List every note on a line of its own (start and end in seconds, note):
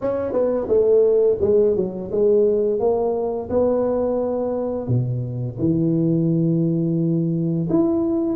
0.01 0.32 C#4
0.32 0.67 B3
0.68 1.38 A3
1.40 1.75 G#3
1.76 2.11 F#3
2.11 2.79 G#3
2.79 3.49 A#3
3.49 4.87 B3
4.87 5.57 B2
5.58 7.68 E3
7.69 8.36 E4